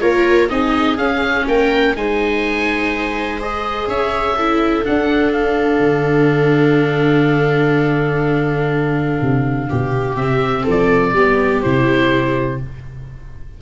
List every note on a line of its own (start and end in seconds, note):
0.00 0.50 A#3
0.00 0.49 F4
0.00 0.49 A#4
0.00 0.48 C#5
0.49 0.97 C4
0.49 0.98 D#4
0.49 1.46 G#4
0.49 0.97 D#5
0.97 1.46 C#4
0.97 1.95 C#4
0.97 1.46 F5
1.48 1.95 A#3
1.48 1.97 A#4
1.48 1.96 G5
1.95 3.87 G#3
1.95 3.40 D#4
1.95 3.89 C5
1.95 3.41 G#5
3.40 4.36 G#4
3.40 3.88 D#5
3.87 4.84 C#4
3.87 4.36 C#5
3.87 4.85 E5
4.36 4.84 E4
4.36 9.68 A4
4.84 10.16 D4
4.84 5.79 D4
4.84 5.32 F#5
5.32 10.16 F5
5.79 9.17 D3
9.21 9.70 C3
9.69 10.16 B2
9.69 10.63 G4
10.16 10.64 C3
10.16 11.14 C4
10.16 10.64 E5
10.63 11.12 F3
10.63 11.11 A4
10.70 11.62 D5
11.12 11.61 G3
11.12 11.64 B3
11.12 12.60 G4
11.62 12.61 C3
11.62 12.60 E4
11.62 12.58 C5